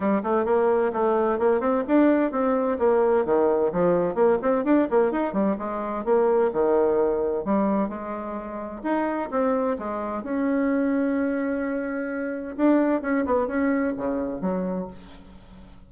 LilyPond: \new Staff \with { instrumentName = "bassoon" } { \time 4/4 \tempo 4 = 129 g8 a8 ais4 a4 ais8 c'8 | d'4 c'4 ais4 dis4 | f4 ais8 c'8 d'8 ais8 dis'8 g8 | gis4 ais4 dis2 |
g4 gis2 dis'4 | c'4 gis4 cis'2~ | cis'2. d'4 | cis'8 b8 cis'4 cis4 fis4 | }